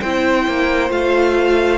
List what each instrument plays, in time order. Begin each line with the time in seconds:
0.00 cello C4, viola E4, violin C5 G5
0.46 cello A#3
0.89 cello A3, viola F4, violin F5